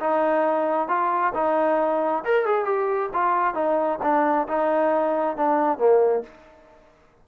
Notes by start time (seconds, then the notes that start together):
0.00 D#4
0.88 F4
1.34 D#4
2.24 A#4
2.45 G#4
2.65 G4
3.13 F4
3.54 D#4
4.03 D4
4.48 D#4
5.36 D4
5.78 A#3